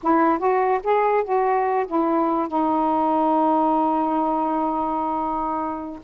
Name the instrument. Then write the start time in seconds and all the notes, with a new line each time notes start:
saxophone
0.02 E4
0.38 F#4
0.83 G#4
1.24 F#4
1.87 E4
2.48 D#4